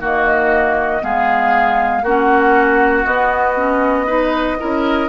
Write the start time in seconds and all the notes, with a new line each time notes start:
0.00 D#3 A#3 F#4 D#5
1.01 G#3 B3 G#4 F5
2.03 A#3 C#4 F#4 F#5
3.06 B3 D#5
3.57 C#4
4.07 D#4 B4
4.59 C#4 E4 A#4